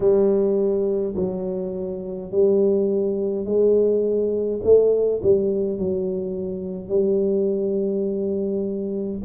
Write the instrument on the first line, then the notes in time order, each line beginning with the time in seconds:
tuba
0.00 G3
1.15 F#3
2.31 G3
3.45 G#3
4.63 A3
5.22 G3
5.77 F#3
6.88 G3